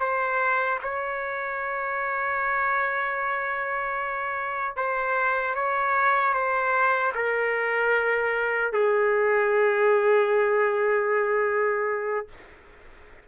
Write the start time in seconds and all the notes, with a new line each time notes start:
0.00 C5
0.83 C#5
4.76 C5
5.54 C#5
6.33 C5
7.14 A#4
8.73 G#4